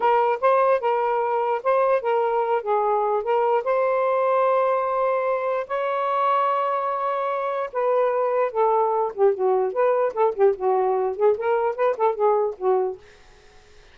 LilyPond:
\new Staff \with { instrumentName = "saxophone" } { \time 4/4 \tempo 4 = 148 ais'4 c''4 ais'2 | c''4 ais'4. gis'4. | ais'4 c''2.~ | c''2 cis''2~ |
cis''2. b'4~ | b'4 a'4. g'8 fis'4 | b'4 a'8 g'8 fis'4. gis'8 | ais'4 b'8 a'8 gis'4 fis'4 | }